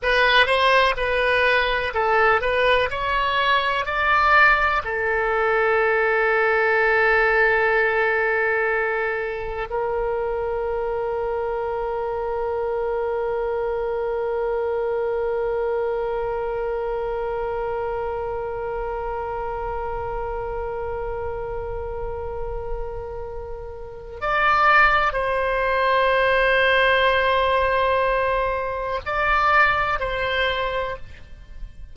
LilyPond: \new Staff \with { instrumentName = "oboe" } { \time 4/4 \tempo 4 = 62 b'8 c''8 b'4 a'8 b'8 cis''4 | d''4 a'2.~ | a'2 ais'2~ | ais'1~ |
ais'1~ | ais'1~ | ais'4 d''4 c''2~ | c''2 d''4 c''4 | }